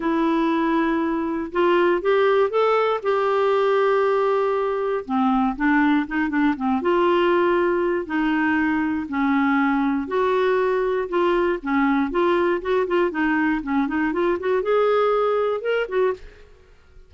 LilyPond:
\new Staff \with { instrumentName = "clarinet" } { \time 4/4 \tempo 4 = 119 e'2. f'4 | g'4 a'4 g'2~ | g'2 c'4 d'4 | dis'8 d'8 c'8 f'2~ f'8 |
dis'2 cis'2 | fis'2 f'4 cis'4 | f'4 fis'8 f'8 dis'4 cis'8 dis'8 | f'8 fis'8 gis'2 ais'8 fis'8 | }